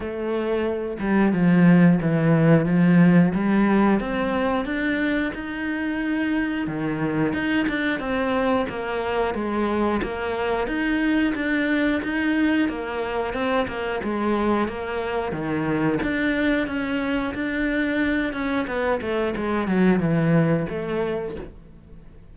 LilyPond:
\new Staff \with { instrumentName = "cello" } { \time 4/4 \tempo 4 = 90 a4. g8 f4 e4 | f4 g4 c'4 d'4 | dis'2 dis4 dis'8 d'8 | c'4 ais4 gis4 ais4 |
dis'4 d'4 dis'4 ais4 | c'8 ais8 gis4 ais4 dis4 | d'4 cis'4 d'4. cis'8 | b8 a8 gis8 fis8 e4 a4 | }